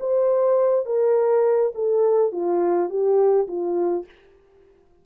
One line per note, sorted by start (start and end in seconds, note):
0.00 0.85 C5
0.85 1.72 A#4
1.75 2.32 A4
2.32 2.89 F4
2.89 3.47 G4
3.47 4.05 F4